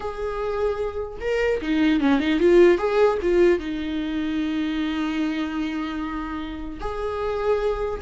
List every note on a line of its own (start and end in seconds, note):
0.00 1.18 G#4
1.20 1.60 A#4
1.61 2.00 D#4
2.00 2.19 C#4
2.19 2.39 D#4
2.39 2.78 F4
2.78 3.18 G#4
3.22 3.59 F4
3.59 6.79 D#4
6.80 8.00 G#4